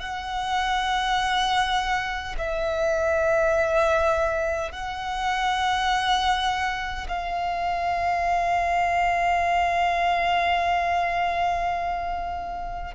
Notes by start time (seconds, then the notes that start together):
0.00 F#5
2.38 E5
4.72 F#5
7.08 F5